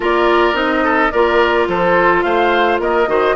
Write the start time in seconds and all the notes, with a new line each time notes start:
0.00 A#3 F4 A#4 D5
0.53 C4 D#4 D#5
0.84 A4
1.11 A#3 F4 A#4 D5
1.67 F3 A4 C5
2.21 A3 C5 F5
2.79 A#3 A#4 D#5
3.07 D#3 F#4 C5